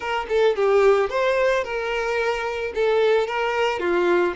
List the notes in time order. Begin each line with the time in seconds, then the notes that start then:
0.00 A#4
0.29 A4
0.56 G4
1.09 C5
1.63 A#4
2.74 A4
3.27 A#4
3.79 F4